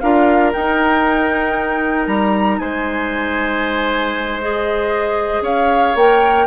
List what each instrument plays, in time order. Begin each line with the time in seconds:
0.00 bassoon D4, clarinet F4, oboe A#4, flute F5
0.53 clarinet D#4, bassoon D#4, flute G5
2.07 bassoon G3, flute A#5
2.59 bassoon G#3, oboe C5, flute G#5
4.40 clarinet G#4, flute D#5
5.41 bassoon C#4, oboe C#5, flute F5
5.95 bassoon A#3, clarinet A#4, flute G5